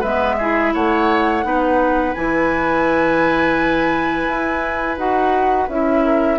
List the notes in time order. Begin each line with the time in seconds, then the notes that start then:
0.00 G#3 B3 B4 E5
0.38 E4 G#4
0.74 A3 C#5 F#5
1.43 B3 D#4 B4
2.14 E3 E4 G#5
4.28 E4
4.97 D#4 F#4 F#5
5.68 C#4 E4 E5
6.05 A#4